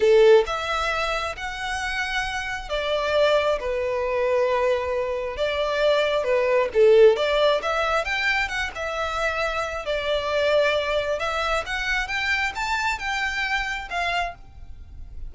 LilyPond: \new Staff \with { instrumentName = "violin" } { \time 4/4 \tempo 4 = 134 a'4 e''2 fis''4~ | fis''2 d''2 | b'1 | d''2 b'4 a'4 |
d''4 e''4 g''4 fis''8 e''8~ | e''2 d''2~ | d''4 e''4 fis''4 g''4 | a''4 g''2 f''4 | }